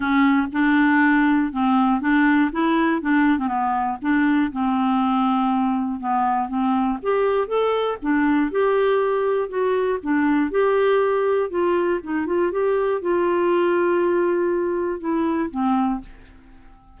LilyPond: \new Staff \with { instrumentName = "clarinet" } { \time 4/4 \tempo 4 = 120 cis'4 d'2 c'4 | d'4 e'4 d'8. c'16 b4 | d'4 c'2. | b4 c'4 g'4 a'4 |
d'4 g'2 fis'4 | d'4 g'2 f'4 | dis'8 f'8 g'4 f'2~ | f'2 e'4 c'4 | }